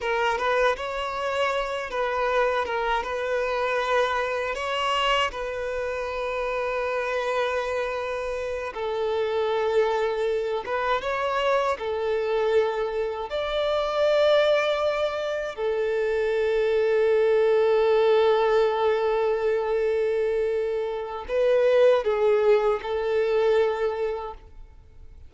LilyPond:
\new Staff \with { instrumentName = "violin" } { \time 4/4 \tempo 4 = 79 ais'8 b'8 cis''4. b'4 ais'8 | b'2 cis''4 b'4~ | b'2.~ b'8 a'8~ | a'2 b'8 cis''4 a'8~ |
a'4. d''2~ d''8~ | d''8 a'2.~ a'8~ | a'1 | b'4 gis'4 a'2 | }